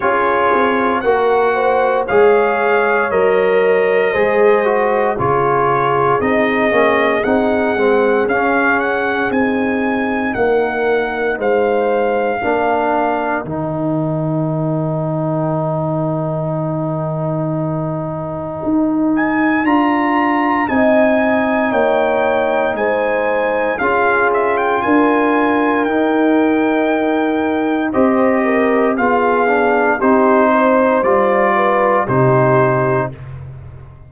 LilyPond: <<
  \new Staff \with { instrumentName = "trumpet" } { \time 4/4 \tempo 4 = 58 cis''4 fis''4 f''4 dis''4~ | dis''4 cis''4 dis''4 fis''4 | f''8 fis''8 gis''4 fis''4 f''4~ | f''4 g''2.~ |
g''2~ g''8 gis''8 ais''4 | gis''4 g''4 gis''4 f''8 e''16 g''16 | gis''4 g''2 dis''4 | f''4 c''4 d''4 c''4 | }
  \new Staff \with { instrumentName = "horn" } { \time 4/4 gis'4 ais'8 c''8 cis''2 | c''4 gis'2.~ | gis'2 ais'4 c''4 | ais'1~ |
ais'1 | dis''4 cis''4 c''4 gis'4 | ais'2. c''8 ais'8 | gis'4 g'8 c''4 b'8 g'4 | }
  \new Staff \with { instrumentName = "trombone" } { \time 4/4 f'4 fis'4 gis'4 ais'4 | gis'8 fis'8 f'4 dis'8 cis'8 dis'8 c'8 | cis'4 dis'2. | d'4 dis'2.~ |
dis'2. f'4 | dis'2. f'4~ | f'4 dis'2 g'4 | f'8 d'8 dis'4 f'4 dis'4 | }
  \new Staff \with { instrumentName = "tuba" } { \time 4/4 cis'8 c'8 ais4 gis4 fis4 | gis4 cis4 c'8 ais8 c'8 gis8 | cis'4 c'4 ais4 gis4 | ais4 dis2.~ |
dis2 dis'4 d'4 | c'4 ais4 gis4 cis'4 | d'4 dis'2 c'4 | b4 c'4 g4 c4 | }
>>